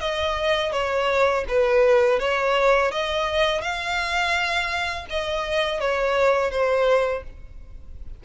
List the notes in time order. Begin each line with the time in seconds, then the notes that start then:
0.00 D#5
0.72 C#5
1.48 B4
2.19 C#5
2.91 D#5
3.61 F5
5.10 D#5
5.80 C#5
6.51 C5